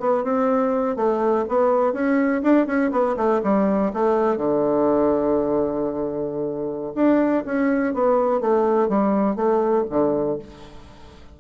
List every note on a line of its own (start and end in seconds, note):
0.00 0.24 B3
0.24 0.96 C4
0.96 1.45 A3
1.49 1.93 B3
1.93 2.42 C#4
2.43 2.67 D4
2.67 2.91 C#4
2.92 3.16 B3
3.17 3.41 A3
3.44 3.93 G3
3.94 4.37 A3
4.37 6.93 D3
6.95 7.44 D4
7.46 7.94 C#4
7.94 8.41 B3
8.41 8.89 A3
8.89 9.36 G3
9.36 9.85 A3
9.90 10.39 D3